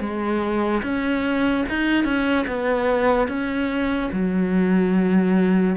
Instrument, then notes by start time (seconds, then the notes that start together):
cello
0.00 G#3
0.83 C#4
1.69 D#4
2.04 C#4
2.47 B3
3.28 C#4
4.12 F#3